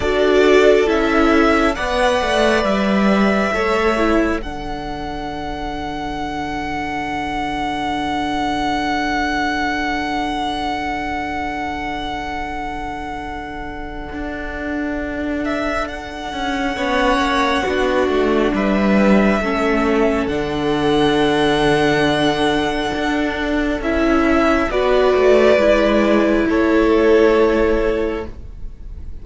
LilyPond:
<<
  \new Staff \with { instrumentName = "violin" } { \time 4/4 \tempo 4 = 68 d''4 e''4 fis''4 e''4~ | e''4 fis''2.~ | fis''1~ | fis''1~ |
fis''4. e''8 fis''2~ | fis''4 e''2 fis''4~ | fis''2. e''4 | d''2 cis''2 | }
  \new Staff \with { instrumentName = "violin" } { \time 4/4 a'2 d''2 | cis''4 a'2.~ | a'1~ | a'1~ |
a'2. cis''4 | fis'4 b'4 a'2~ | a'1 | b'2 a'2 | }
  \new Staff \with { instrumentName = "viola" } { \time 4/4 fis'4 e'4 b'2 | a'8 e'8 d'2.~ | d'1~ | d'1~ |
d'2. cis'4 | d'2 cis'4 d'4~ | d'2. e'4 | fis'4 e'2. | }
  \new Staff \with { instrumentName = "cello" } { \time 4/4 d'4 cis'4 b8 a8 g4 | a4 d2.~ | d1~ | d1 |
d'2~ d'8 cis'8 b8 ais8 | b8 a8 g4 a4 d4~ | d2 d'4 cis'4 | b8 a8 gis4 a2 | }
>>